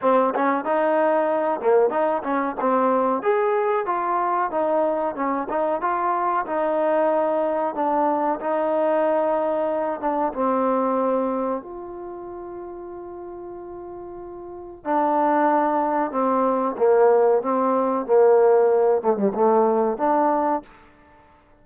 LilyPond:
\new Staff \with { instrumentName = "trombone" } { \time 4/4 \tempo 4 = 93 c'8 cis'8 dis'4. ais8 dis'8 cis'8 | c'4 gis'4 f'4 dis'4 | cis'8 dis'8 f'4 dis'2 | d'4 dis'2~ dis'8 d'8 |
c'2 f'2~ | f'2. d'4~ | d'4 c'4 ais4 c'4 | ais4. a16 g16 a4 d'4 | }